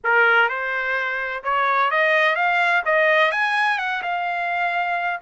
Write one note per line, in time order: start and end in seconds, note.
0.04 0.49 A#4
0.49 1.43 C5
1.43 1.90 C#5
1.90 2.35 D#5
2.35 2.83 F5
2.85 3.31 D#5
3.31 3.78 G#5
3.78 4.02 F#5
4.02 5.20 F5